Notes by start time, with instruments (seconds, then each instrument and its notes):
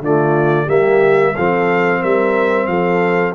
0.00 tuba D3, trombone A3, horn F4, trumpet D5
0.65 tuba G3, trombone A#3, horn G4, trumpet E5
1.35 tuba F3, trombone C4, horn A4, trumpet F5
2.00 tuba G3, horn A#4, trumpet E5
2.66 tuba F3, horn A4, trumpet F5